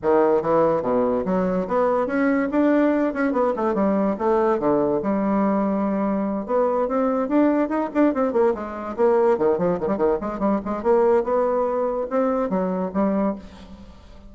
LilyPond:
\new Staff \with { instrumentName = "bassoon" } { \time 4/4 \tempo 4 = 144 dis4 e4 b,4 fis4 | b4 cis'4 d'4. cis'8 | b8 a8 g4 a4 d4 | g2.~ g8 b8~ |
b8 c'4 d'4 dis'8 d'8 c'8 | ais8 gis4 ais4 dis8 f8 dis16 g16 | dis8 gis8 g8 gis8 ais4 b4~ | b4 c'4 fis4 g4 | }